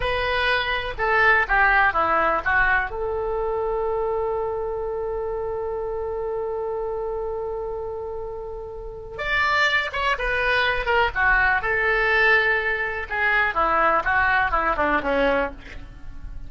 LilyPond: \new Staff \with { instrumentName = "oboe" } { \time 4/4 \tempo 4 = 124 b'2 a'4 g'4 | e'4 fis'4 a'2~ | a'1~ | a'1~ |
a'2. d''4~ | d''8 cis''8 b'4. ais'8 fis'4 | a'2. gis'4 | e'4 fis'4 e'8 d'8 cis'4 | }